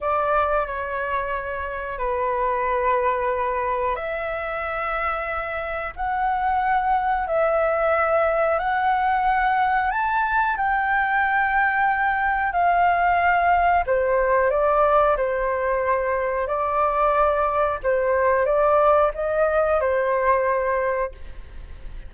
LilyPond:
\new Staff \with { instrumentName = "flute" } { \time 4/4 \tempo 4 = 91 d''4 cis''2 b'4~ | b'2 e''2~ | e''4 fis''2 e''4~ | e''4 fis''2 a''4 |
g''2. f''4~ | f''4 c''4 d''4 c''4~ | c''4 d''2 c''4 | d''4 dis''4 c''2 | }